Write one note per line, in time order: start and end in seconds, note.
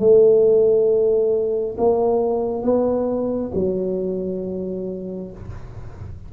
0.00 1.76 A3
1.78 2.63 A#3
2.63 3.51 B3
3.55 5.31 F#3